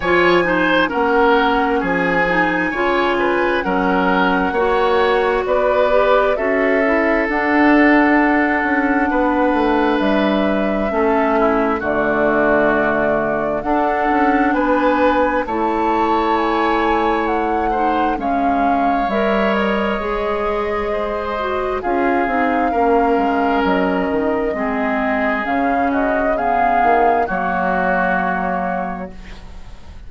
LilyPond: <<
  \new Staff \with { instrumentName = "flute" } { \time 4/4 \tempo 4 = 66 gis''4 fis''4 gis''2 | fis''2 d''4 e''4 | fis''2. e''4~ | e''4 d''2 fis''4 |
gis''4 a''4 gis''4 fis''4 | f''4 e''8 dis''2~ dis''8 | f''2 dis''2 | f''8 dis''8 f''4 cis''2 | }
  \new Staff \with { instrumentName = "oboe" } { \time 4/4 cis''8 c''8 ais'4 gis'4 cis''8 b'8 | ais'4 cis''4 b'4 a'4~ | a'2 b'2 | a'8 e'8 fis'2 a'4 |
b'4 cis''2~ cis''8 c''8 | cis''2. c''4 | gis'4 ais'2 gis'4~ | gis'8 fis'8 gis'4 fis'2 | }
  \new Staff \with { instrumentName = "clarinet" } { \time 4/4 f'8 dis'8 cis'4. dis'8 f'4 | cis'4 fis'4. g'8 fis'8 e'8 | d'1 | cis'4 a2 d'4~ |
d'4 e'2~ e'8 dis'8 | cis'4 ais'4 gis'4. fis'8 | f'8 dis'8 cis'2 c'4 | cis'4 b4 ais2 | }
  \new Staff \with { instrumentName = "bassoon" } { \time 4/4 f4 ais4 f4 cis4 | fis4 ais4 b4 cis'4 | d'4. cis'8 b8 a8 g4 | a4 d2 d'8 cis'8 |
b4 a2. | gis4 g4 gis2 | cis'8 c'8 ais8 gis8 fis8 dis8 gis4 | cis4. dis8 fis2 | }
>>